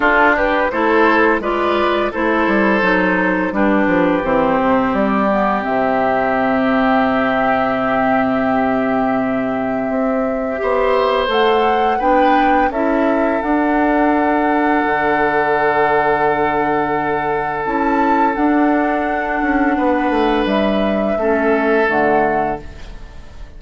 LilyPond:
<<
  \new Staff \with { instrumentName = "flute" } { \time 4/4 \tempo 4 = 85 a'8 b'8 c''4 d''4 c''4~ | c''4 b'4 c''4 d''4 | e''1~ | e''1 |
fis''4 g''4 e''4 fis''4~ | fis''1~ | fis''4 a''4 fis''2~ | fis''4 e''2 fis''4 | }
  \new Staff \with { instrumentName = "oboe" } { \time 4/4 f'8 g'8 a'4 b'4 a'4~ | a'4 g'2.~ | g'1~ | g'2. c''4~ |
c''4 b'4 a'2~ | a'1~ | a'1 | b'2 a'2 | }
  \new Staff \with { instrumentName = "clarinet" } { \time 4/4 d'4 e'4 f'4 e'4 | dis'4 d'4 c'4. b8 | c'1~ | c'2. g'4 |
a'4 d'4 e'4 d'4~ | d'1~ | d'4 e'4 d'2~ | d'2 cis'4 a4 | }
  \new Staff \with { instrumentName = "bassoon" } { \time 4/4 d'4 a4 gis4 a8 g8 | fis4 g8 f8 e8 c8 g4 | c1~ | c2 c'4 b4 |
a4 b4 cis'4 d'4~ | d'4 d2.~ | d4 cis'4 d'4. cis'8 | b8 a8 g4 a4 d4 | }
>>